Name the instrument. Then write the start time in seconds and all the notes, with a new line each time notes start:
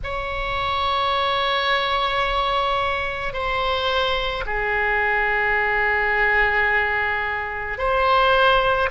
oboe
0.03 C#5
3.33 C5
4.45 G#4
7.78 C5